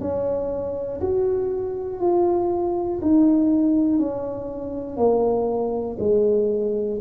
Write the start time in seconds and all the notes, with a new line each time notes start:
0.00 C#4
1.00 F#4
2.00 F4
3.01 D#4
3.99 C#4
4.96 A#3
5.99 G#3